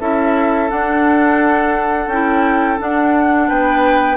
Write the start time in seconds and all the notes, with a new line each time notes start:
0.00 C#4 E4 A4 E5
0.69 D4 F#5
2.07 C#4 E4 G5
2.78 D4 F#5
3.48 B3 B4 G5